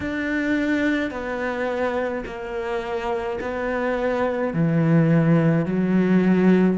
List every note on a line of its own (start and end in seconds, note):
0.00 1.10 D4
1.10 2.24 B3
2.26 3.39 A#3
3.40 4.53 B3
4.53 5.65 E3
5.65 6.77 F#3